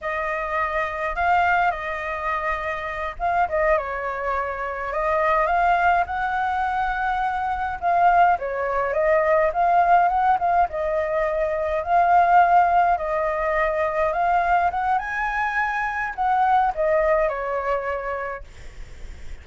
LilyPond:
\new Staff \with { instrumentName = "flute" } { \time 4/4 \tempo 4 = 104 dis''2 f''4 dis''4~ | dis''4. f''8 dis''8 cis''4.~ | cis''8 dis''4 f''4 fis''4.~ | fis''4. f''4 cis''4 dis''8~ |
dis''8 f''4 fis''8 f''8 dis''4.~ | dis''8 f''2 dis''4.~ | dis''8 f''4 fis''8 gis''2 | fis''4 dis''4 cis''2 | }